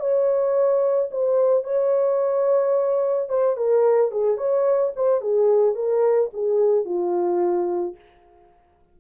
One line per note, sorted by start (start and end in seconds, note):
0.00 1.10 C#5
1.11 1.64 C5
1.64 3.29 C#5
3.29 3.57 C5
3.57 4.12 A#4
4.12 4.38 G#4
4.38 4.93 C#5
4.96 5.21 C5
5.21 5.75 G#4
5.75 6.30 A#4
6.34 6.86 G#4
6.86 7.96 F4